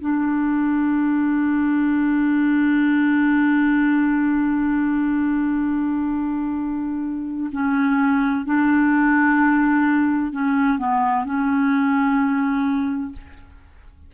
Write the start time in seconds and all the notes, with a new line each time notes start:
0.00 D4
7.52 C#4
8.45 D4
10.32 C#4
10.78 B3
11.25 C#4